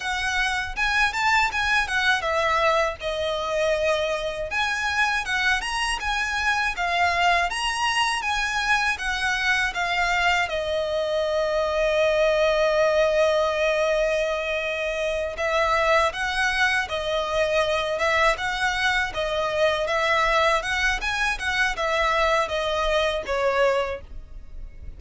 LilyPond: \new Staff \with { instrumentName = "violin" } { \time 4/4 \tempo 4 = 80 fis''4 gis''8 a''8 gis''8 fis''8 e''4 | dis''2 gis''4 fis''8 ais''8 | gis''4 f''4 ais''4 gis''4 | fis''4 f''4 dis''2~ |
dis''1~ | dis''8 e''4 fis''4 dis''4. | e''8 fis''4 dis''4 e''4 fis''8 | gis''8 fis''8 e''4 dis''4 cis''4 | }